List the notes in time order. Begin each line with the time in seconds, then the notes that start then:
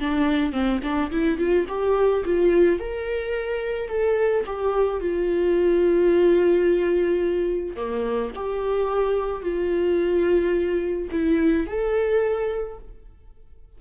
0.00 D4
0.52 C4
0.83 D4
1.11 E4
1.38 F4
1.68 G4
2.25 F4
2.79 A#4
3.89 A4
4.46 G4
5.00 F4
7.76 A#3
8.35 G4
9.42 F4
11.11 E4
11.67 A4